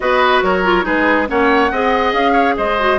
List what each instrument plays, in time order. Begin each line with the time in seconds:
0.00 bassoon B3, clarinet F#4, oboe B4, flute D#5
0.42 bassoon F#3, oboe A#4, flute C#5
0.64 clarinet F4
0.83 bassoon G#3, clarinet D#4, oboe G#4, flute B4
1.27 bassoon A#3, clarinet C#4, oboe C#5, flute F#5
1.71 bassoon C4, clarinet G#4, oboe D#5
2.12 bassoon C#4, flute F5
2.32 oboe C#5
2.56 bassoon G#3, oboe C5, flute D#5
2.79 clarinet F#4